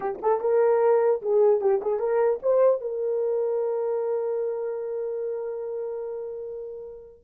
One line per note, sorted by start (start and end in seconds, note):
0.00 0.18 G4
0.22 0.40 A4
0.40 1.21 A#4
1.22 1.60 G#4
1.60 1.80 G4
1.81 1.99 G#4
1.99 2.39 A#4
2.42 2.80 C5
2.80 7.23 A#4